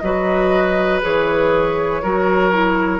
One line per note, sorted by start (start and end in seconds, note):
0.00 1.03 F#3
0.00 1.01 F#4
0.00 2.02 B4
0.00 1.00 D#5
1.01 2.03 E3
1.01 2.01 G#4
1.01 3.00 C#5
2.02 3.00 F#3
2.02 2.52 F#4
2.02 3.00 A#4
2.52 3.00 E4